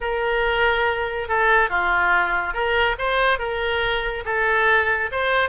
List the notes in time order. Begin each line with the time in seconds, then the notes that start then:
0.00 A#4
1.28 A4
1.69 F4
2.53 A#4
2.98 C5
3.38 A#4
4.25 A4
5.11 C5